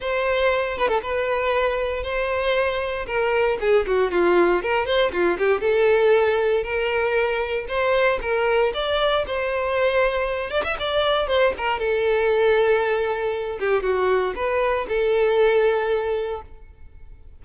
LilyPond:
\new Staff \with { instrumentName = "violin" } { \time 4/4 \tempo 4 = 117 c''4. b'16 a'16 b'2 | c''2 ais'4 gis'8 fis'8 | f'4 ais'8 c''8 f'8 g'8 a'4~ | a'4 ais'2 c''4 |
ais'4 d''4 c''2~ | c''8 d''16 e''16 d''4 c''8 ais'8 a'4~ | a'2~ a'8 g'8 fis'4 | b'4 a'2. | }